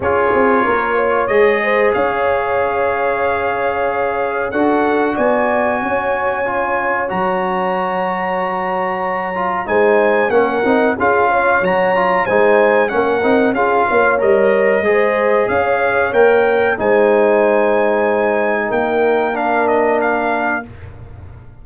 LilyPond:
<<
  \new Staff \with { instrumentName = "trumpet" } { \time 4/4 \tempo 4 = 93 cis''2 dis''4 f''4~ | f''2. fis''4 | gis''2. ais''4~ | ais''2. gis''4 |
fis''4 f''4 ais''4 gis''4 | fis''4 f''4 dis''2 | f''4 g''4 gis''2~ | gis''4 g''4 f''8 dis''8 f''4 | }
  \new Staff \with { instrumentName = "horn" } { \time 4/4 gis'4 ais'8 cis''4 c''8 cis''4~ | cis''2. a'4 | d''4 cis''2.~ | cis''2. c''4 |
ais'4 gis'8 cis''4. c''4 | ais'4 gis'8 cis''4. c''4 | cis''2 c''2~ | c''4 ais'2. | }
  \new Staff \with { instrumentName = "trombone" } { \time 4/4 f'2 gis'2~ | gis'2. fis'4~ | fis'2 f'4 fis'4~ | fis'2~ fis'8 f'8 dis'4 |
cis'8 dis'8 f'4 fis'8 f'8 dis'4 | cis'8 dis'8 f'4 ais'4 gis'4~ | gis'4 ais'4 dis'2~ | dis'2 d'2 | }
  \new Staff \with { instrumentName = "tuba" } { \time 4/4 cis'8 c'8 ais4 gis4 cis'4~ | cis'2. d'4 | b4 cis'2 fis4~ | fis2. gis4 |
ais8 c'8 cis'4 fis4 gis4 | ais8 c'8 cis'8 ais8 g4 gis4 | cis'4 ais4 gis2~ | gis4 ais2. | }
>>